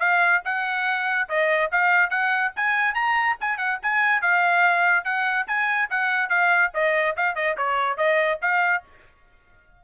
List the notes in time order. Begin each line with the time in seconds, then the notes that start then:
0.00 F5
0.45 F#5
1.29 D#5
1.72 F5
2.10 F#5
2.56 G#5
2.94 A#5
3.41 G#5
3.58 F#5
3.83 G#5
4.22 F5
5.04 F#5
5.47 G#5
5.90 F#5
6.30 F5
6.74 D#5
7.17 F5
7.35 D#5
7.58 C#5
7.97 D#5
8.42 F5